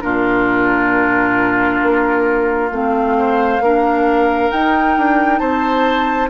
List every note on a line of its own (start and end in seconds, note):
0.00 1.82 A#2
0.00 2.69 D4
0.00 3.16 F4
0.00 2.69 A#4
1.82 2.71 A#3
2.70 3.60 A3
2.70 3.60 C4
2.70 4.51 F5
3.18 3.62 C5
3.60 4.49 A#3
3.60 4.52 D4
3.60 5.40 A#4
4.51 6.30 D#4
4.51 4.97 D#4
4.51 5.38 G5
4.97 5.40 D4
5.38 6.29 C4
5.38 6.29 C5
5.38 6.28 A5